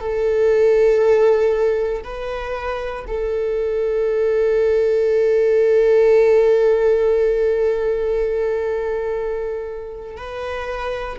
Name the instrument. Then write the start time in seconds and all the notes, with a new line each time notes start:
viola
0.00 A4
2.04 B4
3.07 A4
10.17 B4